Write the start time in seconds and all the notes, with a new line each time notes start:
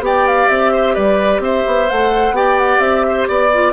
0.00 B3 G4 D5 G5
0.28 F5
0.49 C4 E5
0.73 C5
0.95 G3 B4 D5
1.39 C4 C5 E5
1.67 B3
1.89 A3 A4 F#5
2.31 B3 G4 D5 G5
2.58 F#5
2.80 C4 E5
3.09 C5
3.29 B3 D5
3.53 F4